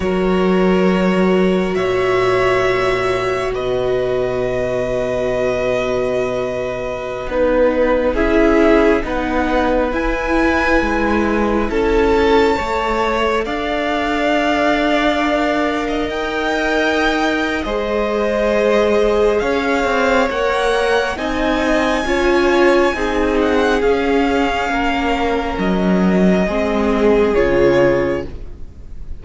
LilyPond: <<
  \new Staff \with { instrumentName = "violin" } { \time 4/4 \tempo 4 = 68 cis''2 e''2 | dis''1~ | dis''16 b'4 e''4 fis''4 gis''8.~ | gis''4~ gis''16 a''2 f''8.~ |
f''2~ f''16 g''4.~ g''16 | dis''2 f''4 fis''4 | gis''2~ gis''8 fis''8 f''4~ | f''4 dis''2 cis''4 | }
  \new Staff \with { instrumentName = "violin" } { \time 4/4 ais'2 cis''2 | b'1~ | b'4~ b'16 gis'4 b'4.~ b'16~ | b'4~ b'16 a'4 cis''4 d''8.~ |
d''2 dis''2 | c''2 cis''2 | dis''4 cis''4 gis'2 | ais'2 gis'2 | }
  \new Staff \with { instrumentName = "viola" } { \time 4/4 fis'1~ | fis'1~ | fis'16 dis'4 e'4 dis'4 e'8.~ | e'2~ e'16 a'4.~ a'16~ |
a'4~ a'16 ais'2~ ais'8. | gis'2. ais'4 | dis'4 f'4 dis'4 cis'4~ | cis'2 c'4 f'4 | }
  \new Staff \with { instrumentName = "cello" } { \time 4/4 fis2 ais,2 | b,1~ | b,16 b4 cis'4 b4 e'8.~ | e'16 gis4 cis'4 a4 d'8.~ |
d'2~ d'16 dis'4.~ dis'16 | gis2 cis'8 c'8 ais4 | c'4 cis'4 c'4 cis'4 | ais4 fis4 gis4 cis4 | }
>>